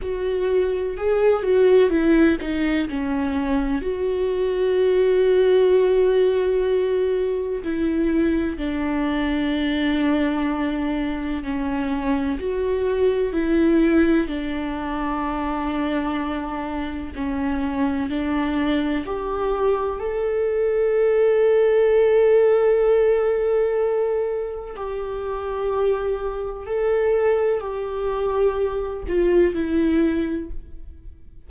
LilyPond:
\new Staff \with { instrumentName = "viola" } { \time 4/4 \tempo 4 = 63 fis'4 gis'8 fis'8 e'8 dis'8 cis'4 | fis'1 | e'4 d'2. | cis'4 fis'4 e'4 d'4~ |
d'2 cis'4 d'4 | g'4 a'2.~ | a'2 g'2 | a'4 g'4. f'8 e'4 | }